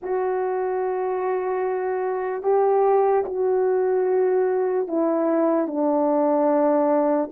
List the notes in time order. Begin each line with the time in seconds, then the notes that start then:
0.02 F#4
2.43 G4
3.25 F#4
4.87 E4
5.67 D4